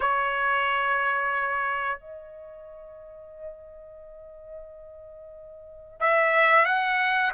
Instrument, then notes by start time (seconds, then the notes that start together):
trumpet
0.00 C#5
1.99 D#5
6.00 E5
6.65 F#5